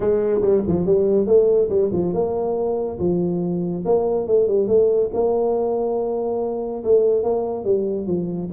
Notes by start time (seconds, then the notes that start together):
0.00 G#3
0.41 G3
0.67 F3
0.86 G3
1.26 A3
1.69 G3
1.92 F3
2.13 A#3
2.98 F3
3.85 A#3
4.27 A3
4.47 G3
4.67 A3
5.13 A#3
6.84 A3
7.23 A#3
7.64 G3
8.06 F3